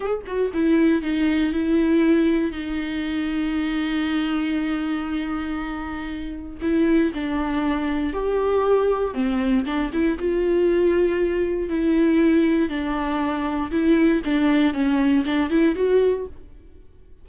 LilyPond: \new Staff \with { instrumentName = "viola" } { \time 4/4 \tempo 4 = 118 gis'8 fis'8 e'4 dis'4 e'4~ | e'4 dis'2.~ | dis'1~ | dis'4 e'4 d'2 |
g'2 c'4 d'8 e'8 | f'2. e'4~ | e'4 d'2 e'4 | d'4 cis'4 d'8 e'8 fis'4 | }